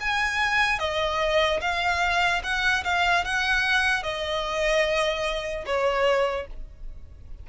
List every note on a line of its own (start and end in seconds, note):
0.00 0.79 G#5
0.79 1.60 D#5
1.61 2.42 F5
2.43 2.84 F#5
2.84 3.24 F5
3.24 4.03 F#5
4.03 5.65 D#5
5.66 6.47 C#5